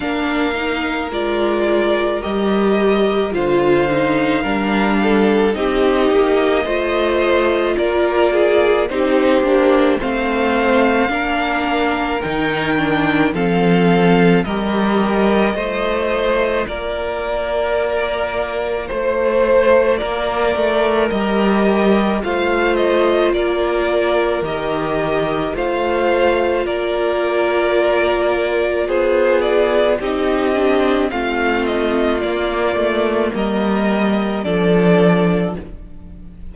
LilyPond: <<
  \new Staff \with { instrumentName = "violin" } { \time 4/4 \tempo 4 = 54 f''4 d''4 dis''4 f''4~ | f''4 dis''2 d''4 | c''4 f''2 g''4 | f''4 dis''2 d''4~ |
d''4 c''4 d''4 dis''4 | f''8 dis''8 d''4 dis''4 f''4 | d''2 c''8 d''8 dis''4 | f''8 dis''8 d''4 dis''4 d''4 | }
  \new Staff \with { instrumentName = "violin" } { \time 4/4 ais'2. c''4 | ais'8 a'8 g'4 c''4 ais'8 gis'8 | g'4 c''4 ais'2 | a'4 ais'4 c''4 ais'4~ |
ais'4 c''4 ais'2 | c''4 ais'2 c''4 | ais'2 gis'4 g'4 | f'2 ais'4 a'4 | }
  \new Staff \with { instrumentName = "viola" } { \time 4/4 d'8 dis'8 f'4 g'4 f'8 dis'8 | d'4 dis'4 f'2 | dis'8 d'8 c'4 d'4 dis'8 d'8 | c'4 g'4 f'2~ |
f'2. g'4 | f'2 g'4 f'4~ | f'2. dis'8 d'8 | c'4 ais2 d'4 | }
  \new Staff \with { instrumentName = "cello" } { \time 4/4 ais4 gis4 g4 d4 | g4 c'8 ais8 a4 ais4 | c'8 ais8 a4 ais4 dis4 | f4 g4 a4 ais4~ |
ais4 a4 ais8 a8 g4 | a4 ais4 dis4 a4 | ais2 b4 c'4 | a4 ais8 a8 g4 f4 | }
>>